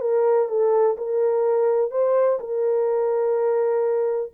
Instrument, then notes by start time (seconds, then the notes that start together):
horn
0.00 A#4
0.48 A4
0.97 A#4
1.91 C5
2.40 A#4